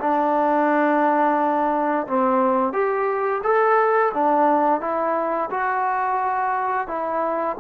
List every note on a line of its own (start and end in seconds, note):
0.00 2.07 D4
2.08 2.73 C4
2.73 3.42 G4
3.44 4.13 A4
4.14 4.81 D4
4.81 5.50 E4
5.50 6.87 F#4
6.87 7.56 E4